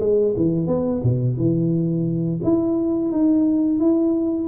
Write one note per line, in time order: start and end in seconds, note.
0.00 0.34 G#3
0.37 0.67 E3
0.67 1.02 B3
1.03 1.37 B2
1.37 2.41 E3
2.44 3.12 E4
3.12 3.80 D#4
3.80 4.48 E4